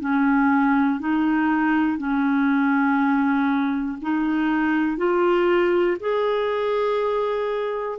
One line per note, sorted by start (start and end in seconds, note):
0.00 1.00 C#4
1.00 1.97 D#4
1.97 3.97 C#4
4.01 4.97 D#4
4.97 5.97 F4
6.00 7.98 G#4